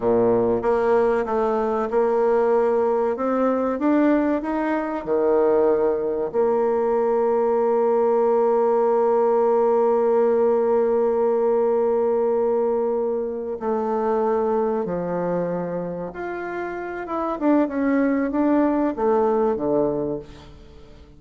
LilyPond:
\new Staff \with { instrumentName = "bassoon" } { \time 4/4 \tempo 4 = 95 ais,4 ais4 a4 ais4~ | ais4 c'4 d'4 dis'4 | dis2 ais2~ | ais1~ |
ais1~ | ais4. a2 f8~ | f4. f'4. e'8 d'8 | cis'4 d'4 a4 d4 | }